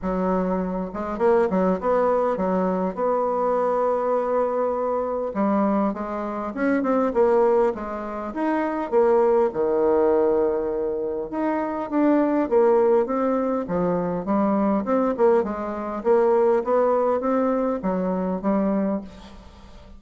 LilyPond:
\new Staff \with { instrumentName = "bassoon" } { \time 4/4 \tempo 4 = 101 fis4. gis8 ais8 fis8 b4 | fis4 b2.~ | b4 g4 gis4 cis'8 c'8 | ais4 gis4 dis'4 ais4 |
dis2. dis'4 | d'4 ais4 c'4 f4 | g4 c'8 ais8 gis4 ais4 | b4 c'4 fis4 g4 | }